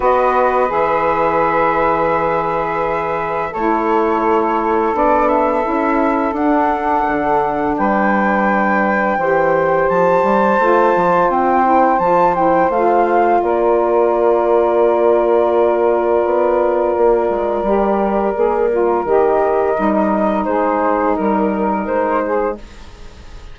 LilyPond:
<<
  \new Staff \with { instrumentName = "flute" } { \time 4/4 \tempo 4 = 85 dis''4 e''2.~ | e''4 cis''2 d''8 e''8~ | e''4 fis''2 g''4~ | g''2 a''2 |
g''4 a''8 g''8 f''4 d''4~ | d''1~ | d''2. dis''4~ | dis''4 c''4 ais'4 c''4 | }
  \new Staff \with { instrumentName = "saxophone" } { \time 4/4 b'1~ | b'4 a'2.~ | a'2. b'4~ | b'4 c''2.~ |
c''2. ais'4~ | ais'1~ | ais'1~ | ais'4 gis'4 ais'4. gis'8 | }
  \new Staff \with { instrumentName = "saxophone" } { \time 4/4 fis'4 gis'2.~ | gis'4 e'2 d'4 | e'4 d'2.~ | d'4 g'2 f'4~ |
f'8 e'8 f'8 e'8 f'2~ | f'1~ | f'4 g'4 gis'8 f'8 g'4 | dis'1 | }
  \new Staff \with { instrumentName = "bassoon" } { \time 4/4 b4 e2.~ | e4 a2 b4 | cis'4 d'4 d4 g4~ | g4 e4 f8 g8 a8 f8 |
c'4 f4 a4 ais4~ | ais2. b4 | ais8 gis8 g4 ais4 dis4 | g4 gis4 g4 gis4 | }
>>